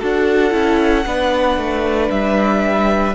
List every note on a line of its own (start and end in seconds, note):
0.00 0.53 D4
0.00 0.51 F#4
0.00 1.05 A4
0.00 2.11 F#5
0.51 1.05 C#4
0.51 1.04 E4
1.06 1.57 B3
1.06 3.15 D4
1.06 3.15 B4
1.57 2.10 A3
2.10 3.15 G3
2.10 3.15 E5